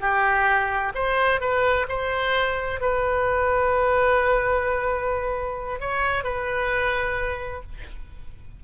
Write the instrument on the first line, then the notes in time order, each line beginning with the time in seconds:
oboe
0.00 G4
0.94 C5
1.40 B4
1.88 C5
2.80 B4
5.80 C#5
6.24 B4